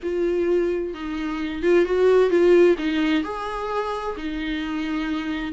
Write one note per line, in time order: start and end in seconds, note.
0.02 0.94 F4
0.94 1.62 D#4
1.62 1.85 F4
1.85 2.30 F#4
2.30 2.76 F4
2.78 3.23 D#4
3.23 4.16 G#4
4.16 5.52 D#4